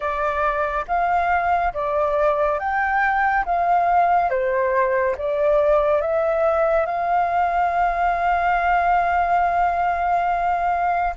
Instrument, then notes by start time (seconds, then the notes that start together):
flute
0.00 D5
0.87 F5
1.73 D5
2.59 G5
3.45 F5
4.29 C5
5.17 D5
6.01 E5
6.86 F5